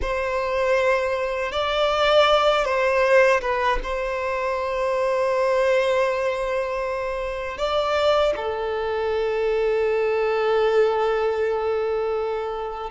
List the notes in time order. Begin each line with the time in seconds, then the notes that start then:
0.01 C5
1.52 D5
2.64 C5
3.41 B4
3.83 C5
7.57 D5
8.36 A4